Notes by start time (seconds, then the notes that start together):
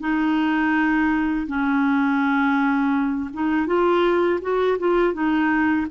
0.00 D#4
1.47 C#4
3.33 D#4
3.67 F4
4.41 F#4
4.79 F4
5.14 D#4